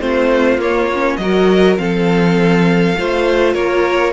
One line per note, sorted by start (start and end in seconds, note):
0.00 0.57 A3
0.00 0.59 C4
0.00 1.19 F4
0.00 0.60 C5
0.57 1.17 A#3
0.57 0.89 A#3
0.57 1.17 C#5
0.93 1.20 C#4
1.17 1.77 F#3
1.17 1.77 F#4
1.17 1.81 A#4
1.17 1.76 D#5
1.77 2.97 F3
1.77 2.96 C4
1.77 2.98 A4
1.77 3.54 F5
2.97 3.55 A3
2.97 4.13 F4
2.97 3.53 C5
3.53 4.13 A#3
3.53 4.13 A#4
3.53 4.13 C#5